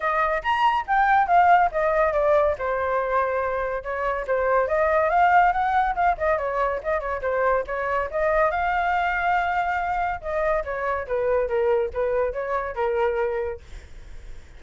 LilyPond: \new Staff \with { instrumentName = "flute" } { \time 4/4 \tempo 4 = 141 dis''4 ais''4 g''4 f''4 | dis''4 d''4 c''2~ | c''4 cis''4 c''4 dis''4 | f''4 fis''4 f''8 dis''8 cis''4 |
dis''8 cis''8 c''4 cis''4 dis''4 | f''1 | dis''4 cis''4 b'4 ais'4 | b'4 cis''4 ais'2 | }